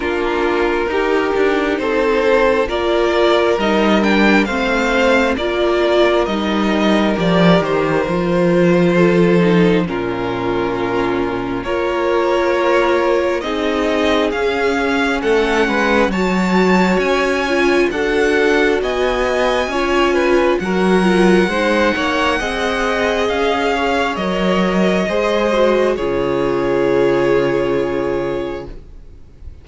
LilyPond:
<<
  \new Staff \with { instrumentName = "violin" } { \time 4/4 \tempo 4 = 67 ais'2 c''4 d''4 | dis''8 g''8 f''4 d''4 dis''4 | d''8 c''2~ c''8 ais'4~ | ais'4 cis''2 dis''4 |
f''4 fis''4 a''4 gis''4 | fis''4 gis''2 fis''4~ | fis''2 f''4 dis''4~ | dis''4 cis''2. | }
  \new Staff \with { instrumentName = "violin" } { \time 4/4 f'4 g'4 a'4 ais'4~ | ais'4 c''4 ais'2~ | ais'2 a'4 f'4~ | f'4 ais'2 gis'4~ |
gis'4 a'8 b'8 cis''2 | a'4 dis''4 cis''8 b'8 ais'4 | c''8 cis''8 dis''4. cis''4. | c''4 gis'2. | }
  \new Staff \with { instrumentName = "viola" } { \time 4/4 d'4 dis'2 f'4 | dis'8 d'8 c'4 f'4 dis'4 | g'4 f'4. dis'8 cis'4~ | cis'4 f'2 dis'4 |
cis'2 fis'4. f'8 | fis'2 f'4 fis'8 f'8 | dis'4 gis'2 ais'4 | gis'8 fis'8 f'2. | }
  \new Staff \with { instrumentName = "cello" } { \time 4/4 ais4 dis'8 d'8 c'4 ais4 | g4 a4 ais4 g4 | f8 dis8 f2 ais,4~ | ais,4 ais2 c'4 |
cis'4 a8 gis8 fis4 cis'4 | d'4 b4 cis'4 fis4 | gis8 ais8 c'4 cis'4 fis4 | gis4 cis2. | }
>>